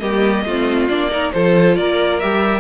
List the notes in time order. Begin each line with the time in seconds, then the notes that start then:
0.00 G3 A#3 G4 D#5
0.45 A3 C4 F4
0.89 A#3 D4 D5
1.11 D#4 A#4
1.33 F3 F4 A4 C5
1.76 A#3 A#4 D5
2.20 G3 G4 E5